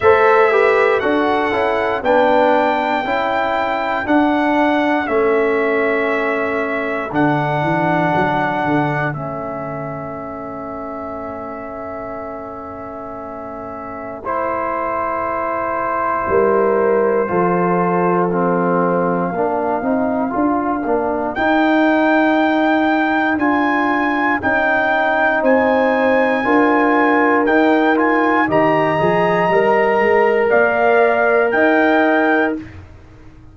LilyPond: <<
  \new Staff \with { instrumentName = "trumpet" } { \time 4/4 \tempo 4 = 59 e''4 fis''4 g''2 | fis''4 e''2 fis''4~ | fis''4 e''2.~ | e''2 c''2~ |
c''2 f''2~ | f''4 g''2 gis''4 | g''4 gis''2 g''8 gis''8 | ais''2 f''4 g''4 | }
  \new Staff \with { instrumentName = "horn" } { \time 4/4 c''8 b'8 a'4 b'4 a'4~ | a'1~ | a'1~ | a'1 |
ais'4 a'2 ais'4~ | ais'1~ | ais'4 c''4 ais'2 | dis''2 d''4 dis''4 | }
  \new Staff \with { instrumentName = "trombone" } { \time 4/4 a'8 g'8 fis'8 e'8 d'4 e'4 | d'4 cis'2 d'4~ | d'4 cis'2.~ | cis'2 e'2~ |
e'4 f'4 c'4 d'8 dis'8 | f'8 d'8 dis'2 f'4 | dis'2 f'4 dis'8 f'8 | g'8 gis'8 ais'2. | }
  \new Staff \with { instrumentName = "tuba" } { \time 4/4 a4 d'8 cis'8 b4 cis'4 | d'4 a2 d8 e8 | fis8 d8 a2.~ | a1 |
g4 f2 ais8 c'8 | d'8 ais8 dis'2 d'4 | cis'4 c'4 d'4 dis'4 | dis8 f8 g8 gis8 ais4 dis'4 | }
>>